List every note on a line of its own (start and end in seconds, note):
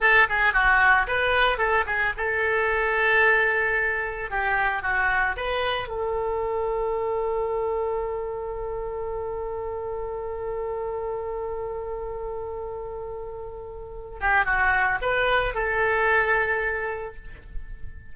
0.00 0.27 A4
0.29 0.53 G#4
0.53 1.06 F#4
1.07 1.58 B4
1.58 1.85 A4
1.86 2.13 G#4
2.17 4.30 A4
4.30 4.82 G4
4.82 5.35 F#4
5.36 5.88 B4
5.88 14.18 A4
14.20 14.45 G4
14.45 14.99 F#4
15.01 15.54 B4
15.54 17.15 A4